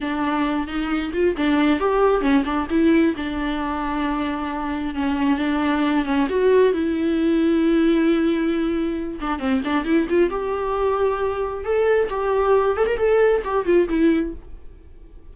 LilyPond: \new Staff \with { instrumentName = "viola" } { \time 4/4 \tempo 4 = 134 d'4. dis'4 f'8 d'4 | g'4 cis'8 d'8 e'4 d'4~ | d'2. cis'4 | d'4. cis'8 fis'4 e'4~ |
e'1~ | e'8 d'8 c'8 d'8 e'8 f'8 g'4~ | g'2 a'4 g'4~ | g'8 a'16 ais'16 a'4 g'8 f'8 e'4 | }